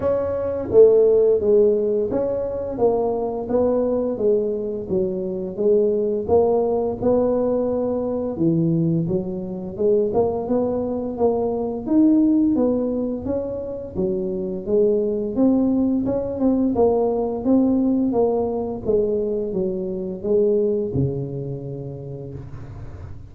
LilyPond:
\new Staff \with { instrumentName = "tuba" } { \time 4/4 \tempo 4 = 86 cis'4 a4 gis4 cis'4 | ais4 b4 gis4 fis4 | gis4 ais4 b2 | e4 fis4 gis8 ais8 b4 |
ais4 dis'4 b4 cis'4 | fis4 gis4 c'4 cis'8 c'8 | ais4 c'4 ais4 gis4 | fis4 gis4 cis2 | }